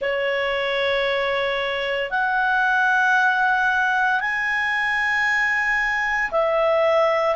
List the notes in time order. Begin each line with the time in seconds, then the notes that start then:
0.00 C#5
2.10 F#5
4.20 G#5
6.31 E5